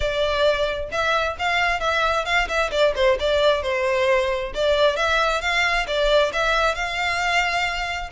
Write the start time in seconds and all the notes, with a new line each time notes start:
0.00 D5
0.91 E5
1.38 F5
1.80 E5
2.25 F5
2.48 E5
2.71 D5
2.95 C5
3.19 D5
3.62 C5
4.54 D5
4.96 E5
5.41 F5
5.87 D5
6.32 E5
6.74 F5